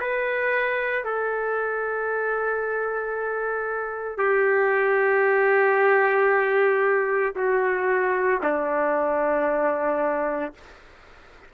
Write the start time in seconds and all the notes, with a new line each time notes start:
0.00 B4
1.04 A4
4.17 G4
7.36 F#4
8.43 D4